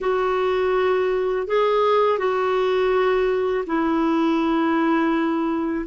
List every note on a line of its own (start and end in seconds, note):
0.00 1.47 F#4
1.47 2.18 G#4
2.18 3.65 F#4
3.66 5.86 E4